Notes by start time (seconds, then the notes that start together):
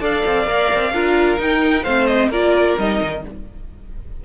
0.00 D4 A4 D5 F5
0.26 C4
0.46 A#3 A#4
0.75 C4
0.92 D4 F4 A#4
1.38 D#4 G5
1.83 A3 C4 C5 F5
2.06 D#5
2.29 A#3 F4 A#4 D5
2.78 G3 D#4 D#5
3.02 D#3